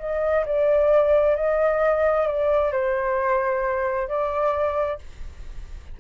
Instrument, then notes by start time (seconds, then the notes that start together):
flute
0.00 D#5
0.46 D5
1.36 D#5
2.27 D5
2.72 C5
4.08 D5